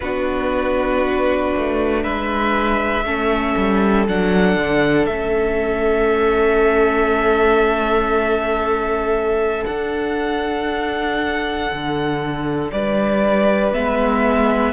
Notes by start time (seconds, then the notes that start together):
0.00 B3 D4 F#4 B4
1.56 A3
2.03 G#3 B4 E5
3.04 A3 C#4 A4
3.57 G3
4.07 F#3 D4 F#5
4.55 D3
5.06 A3 C#4 E5
9.65 D4 F#5
11.71 D3
12.71 G3 B4 D5
13.72 G#3 B3 E5